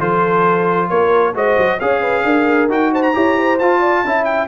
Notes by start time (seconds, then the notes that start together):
0.00 F3 F4 A4 C5
0.90 A#3 A#4 C#5
1.35 G#3 F#4 C5 D#5
1.58 F#3
1.80 C#4 G#4 C#5 F5
2.01 B4
2.25 D4 A#4
2.70 D#4 F#4 G5
2.93 C5 A5
3.03 A#5
3.14 E4 G4 C#5
3.38 C5
3.59 F4 A5
3.80 D5
4.05 C#4 E4 E5
4.25 G5